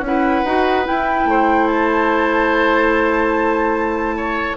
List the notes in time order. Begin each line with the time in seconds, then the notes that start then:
0.00 C#4 E4 F#5
0.07 B4
0.45 D#4 F#4
0.84 E4 G5
1.24 A3 C5
1.67 A5
4.16 C#5